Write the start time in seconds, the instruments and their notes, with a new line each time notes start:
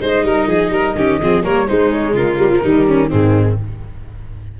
0.00 tuba G#3, viola D#4, violin C5, flute D#5
0.24 tuba G3, violin A#4
0.47 tuba F3, violin G#4
0.70 tuba G3, violin A#4
0.95 tuba D#3, viola C#4, violin G4
1.22 tuba F3, viola C4, violin G#4
1.44 tuba G3, viola A#3, violin A#4, flute C#5
1.68 viola G#3, tuba G#3, violin D#4, flute C5
1.92 flute C#5
2.14 tuba C#3, violin F4, flute A#4
2.40 viola G3
2.50 viola F3
2.62 tuba D#3, viola G3, violin D#4
2.88 violin C#4
3.10 tuba G#2, viola D#3, violin C4, flute G#4